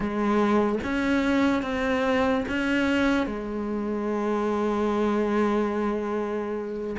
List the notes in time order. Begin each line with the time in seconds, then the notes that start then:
0.00 G#3
0.83 C#4
1.62 C4
2.48 C#4
3.26 G#3